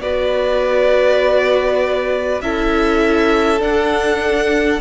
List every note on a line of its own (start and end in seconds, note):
0.00 2.40 B3
0.00 2.42 F#4
0.00 2.43 B4
0.00 2.41 D5
2.41 3.60 C#4
2.41 3.58 E4
2.41 4.80 A4
2.41 3.61 E5
3.58 4.78 D4
3.58 4.80 D4
3.58 4.80 F#5